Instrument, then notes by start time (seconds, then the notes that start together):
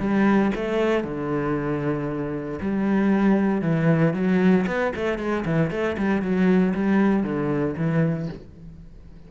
cello
0.00 G3
0.55 A3
1.04 D3
2.62 G3
3.62 E3
4.14 F#3
4.67 B3
4.96 A3
5.19 G#3
5.45 E3
5.71 A3
5.98 G3
6.22 F#3
6.75 G3
7.24 D3
7.77 E3